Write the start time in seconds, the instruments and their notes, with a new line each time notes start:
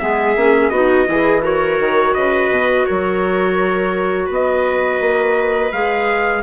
0.00 bassoon G#3, clarinet B3, viola G#4, trumpet E5
0.36 bassoon A#3, clarinet C#4
0.70 bassoon B3, clarinet D#4, viola F#4, trumpet D#5
1.07 bassoon E3, clarinet E4, viola G#4
1.42 clarinet F#4, viola A#4, trumpet C#5
1.80 bassoon D#3
2.15 bassoon C#3, viola B4, trumpet D#5
2.50 bassoon B2
2.87 bassoon F#3, viola A#4, trumpet C#5
4.26 bassoon B3, viola B4
4.35 trumpet D#5
5.01 bassoon A#3
5.72 bassoon G#3, clarinet G#4, trumpet F5